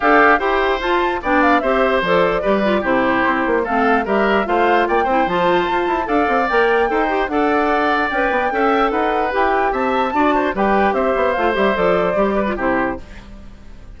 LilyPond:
<<
  \new Staff \with { instrumentName = "flute" } { \time 4/4 \tempo 4 = 148 f''4 g''4 a''4 g''8 f''8 | e''4 d''2 c''4~ | c''4 f''4 e''4 f''4 | g''4 a''2 f''4 |
g''2 fis''2 | g''2 fis''4 g''4 | a''2 g''4 e''4 | f''8 e''8 d''2 c''4 | }
  \new Staff \with { instrumentName = "oboe" } { \time 4/4 g'4 c''2 d''4 | c''2 b'4 g'4~ | g'4 a'4 ais'4 c''4 | d''8 c''2~ c''8 d''4~ |
d''4 c''4 d''2~ | d''4 e''4 b'2 | e''4 d''8 c''8 b'4 c''4~ | c''2~ c''8 b'8 g'4 | }
  \new Staff \with { instrumentName = "clarinet" } { \time 4/4 a'4 g'4 f'4 d'4 | g'4 a'4 g'8 f'8 e'4~ | e'4 c'4 g'4 f'4~ | f'8 e'8 f'2 a'4 |
ais'4 a'8 g'8 a'2 | b'4 a'2 g'4~ | g'4 fis'4 g'2 | f'8 g'8 a'4 g'8. f'16 e'4 | }
  \new Staff \with { instrumentName = "bassoon" } { \time 4/4 d'4 e'4 f'4 b4 | c'4 f4 g4 c4 | c'8 ais8 a4 g4 a4 | ais8 c'8 f4 f'8 e'8 d'8 c'8 |
ais4 dis'4 d'2 | cis'8 b8 cis'4 dis'4 e'4 | c'4 d'4 g4 c'8 b8 | a8 g8 f4 g4 c4 | }
>>